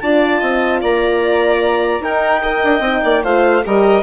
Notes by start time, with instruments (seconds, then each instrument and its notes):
0.00 bassoon D4, horn F4, violin D5, clarinet A5
0.39 bassoon C4, violin D#5
0.81 bassoon A#3, violin D5, clarinet A#5
2.00 bassoon D#4, horn D#4, violin A#4, clarinet G5
2.42 horn A#4, violin D#5
2.64 bassoon D4
2.80 bassoon C4, horn D#4
3.04 bassoon A#3, violin D5
3.23 bassoon A3, horn F4, violin C5, clarinet F5
3.65 bassoon G3, horn G4, violin A#4, clarinet D#5